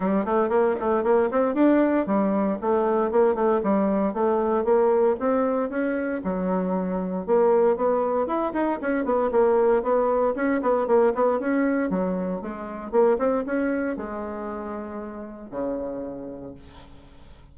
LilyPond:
\new Staff \with { instrumentName = "bassoon" } { \time 4/4 \tempo 4 = 116 g8 a8 ais8 a8 ais8 c'8 d'4 | g4 a4 ais8 a8 g4 | a4 ais4 c'4 cis'4 | fis2 ais4 b4 |
e'8 dis'8 cis'8 b8 ais4 b4 | cis'8 b8 ais8 b8 cis'4 fis4 | gis4 ais8 c'8 cis'4 gis4~ | gis2 cis2 | }